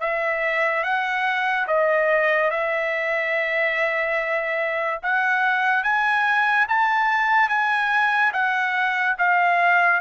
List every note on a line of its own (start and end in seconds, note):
0.00 0.83 E5
0.83 1.67 F#5
1.67 2.50 D#5
2.50 5.00 E5
5.02 5.83 F#5
5.83 6.67 G#5
6.68 7.49 A5
7.49 8.32 G#5
8.33 9.16 F#5
9.18 10.01 F5